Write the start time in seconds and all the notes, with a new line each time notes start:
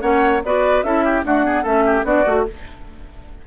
0.00 A#3 C#4 C#5 F#5
0.44 B3 F#4 B4 D5
0.83 C#4 E4 A4 E5
1.04 G4
1.24 A3 D4 F#4 F#5
1.44 B3 G#4
1.63 A3 C#4 A4 E5
1.86 G4
2.04 B3 D4 F#4 D5
2.25 A3 F#4